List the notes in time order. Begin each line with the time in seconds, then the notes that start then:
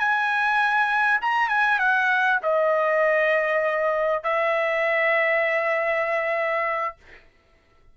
0.00 G#5
1.22 A#5
1.49 G#5
1.80 F#5
2.43 D#5
4.24 E5